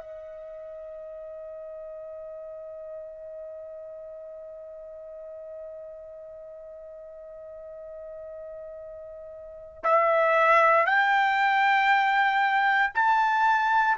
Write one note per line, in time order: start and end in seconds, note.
0.00 9.83 D#5
9.83 10.86 E5
10.86 12.93 G5
12.94 13.97 A5